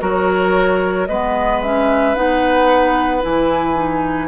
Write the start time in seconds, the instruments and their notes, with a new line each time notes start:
0.00 bassoon F#3, clarinet F#4, oboe A#4, flute C#5
1.07 bassoon G#3, clarinet B3, oboe B4, flute D#5
1.62 clarinet C#4, flute E5
2.15 bassoon B3, clarinet D#4, flute F#5
3.21 bassoon E3, clarinet E4, flute G#5
3.75 clarinet D#4